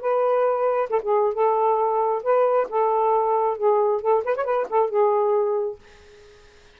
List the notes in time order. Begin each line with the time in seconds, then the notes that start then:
0.00 B4
0.89 A4
1.02 G#4
1.33 A4
2.23 B4
2.69 A4
3.57 G#4
4.01 A4
4.24 B4
4.35 C#5
4.44 B4
4.69 A4
4.89 G#4